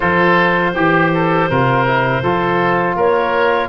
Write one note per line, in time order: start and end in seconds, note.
0.00 0.75 F3
0.00 0.74 F4
0.00 0.71 A4
0.00 2.96 C5
0.74 1.49 E3
0.74 1.11 G4
0.74 1.50 G4
1.14 1.49 A4
1.49 2.22 C3
1.49 1.87 F4
1.49 2.23 A#4
1.87 2.23 E4
2.22 2.95 F3
2.22 3.68 F4
2.22 2.96 A4
2.95 3.68 A#3
2.95 3.68 A#4
2.95 3.68 C#5